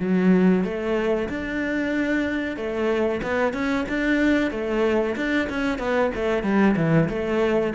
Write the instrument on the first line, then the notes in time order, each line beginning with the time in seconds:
cello
0.00 F#3
0.64 A3
1.29 D4
2.57 A3
3.23 B3
3.53 C#4
3.89 D4
4.51 A3
5.16 D4
5.50 C#4
5.79 B3
6.15 A3
6.43 G3
6.77 E3
7.09 A3